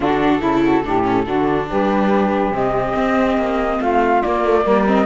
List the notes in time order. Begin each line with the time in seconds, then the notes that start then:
0.00 D3 D4 F#4 A4
0.40 C#3 E4
0.63 F#4
0.85 A2 D4 G4
1.03 C#4
1.24 D3 D4 F#4
1.68 G3 G4 B4
2.51 C3 C4 D#5
2.96 C4
3.37 A#3
3.79 A3 F4 F5
4.22 A#3 D5
4.44 A3
4.63 G3 A#3 A#4
4.86 C4 D#5